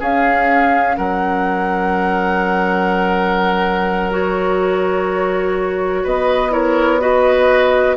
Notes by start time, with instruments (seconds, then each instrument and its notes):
0.00 clarinet C#4, bassoon C#4, oboe G#4, flute F5
0.98 bassoon F#3, oboe A#4, flute F#5
4.11 clarinet F#4, flute C#5
6.03 bassoon B3, oboe B4, flute D#5
6.50 clarinet E4, oboe A#4, flute C#5
7.00 clarinet F#4, oboe B4, flute D#5